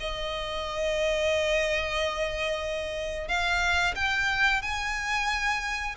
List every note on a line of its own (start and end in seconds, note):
0.00 3.28 D#5
3.28 3.95 F5
3.95 4.62 G5
4.62 5.95 G#5